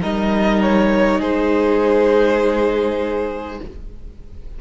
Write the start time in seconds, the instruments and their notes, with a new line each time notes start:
0.00 cello G3, viola D#4, violin A#4 D#5
0.61 violin C#5
1.19 cello G#3, violin G#4 C5